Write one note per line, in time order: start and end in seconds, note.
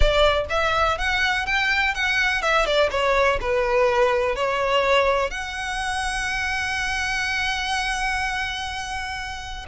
0.00 0.45 D5
0.49 0.98 E5
0.98 1.46 F#5
1.46 1.94 G5
1.94 2.41 F#5
2.41 2.65 E5
2.65 2.90 D5
2.90 3.39 C#5
3.40 4.35 B4
4.35 5.30 C#5
5.30 9.65 F#5